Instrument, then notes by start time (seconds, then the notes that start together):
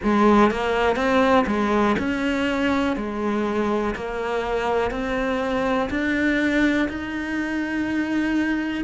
cello
0.03 G#3
0.51 A#3
0.96 C4
1.47 G#3
1.99 C#4
2.96 G#3
3.95 A#3
4.90 C4
5.90 D4
6.89 D#4